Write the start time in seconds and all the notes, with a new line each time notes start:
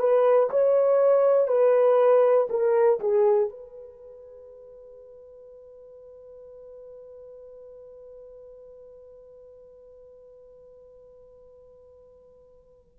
0.00 B4
0.50 C#5
1.48 B4
2.50 A#4
3.00 G#4
3.50 B4